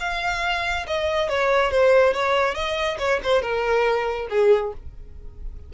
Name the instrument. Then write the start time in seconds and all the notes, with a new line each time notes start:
violin
0.00 F5
0.87 D#5
1.29 C#5
1.71 C5
2.14 C#5
2.55 D#5
2.99 C#5
3.24 C5
3.42 A#4
4.30 G#4